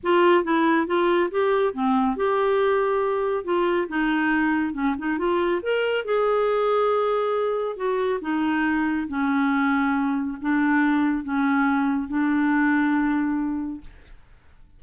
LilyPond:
\new Staff \with { instrumentName = "clarinet" } { \time 4/4 \tempo 4 = 139 f'4 e'4 f'4 g'4 | c'4 g'2. | f'4 dis'2 cis'8 dis'8 | f'4 ais'4 gis'2~ |
gis'2 fis'4 dis'4~ | dis'4 cis'2. | d'2 cis'2 | d'1 | }